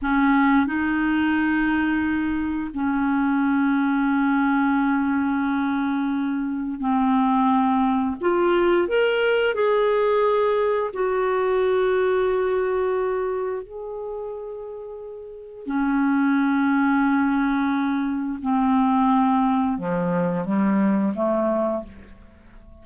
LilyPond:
\new Staff \with { instrumentName = "clarinet" } { \time 4/4 \tempo 4 = 88 cis'4 dis'2. | cis'1~ | cis'2 c'2 | f'4 ais'4 gis'2 |
fis'1 | gis'2. cis'4~ | cis'2. c'4~ | c'4 f4 g4 a4 | }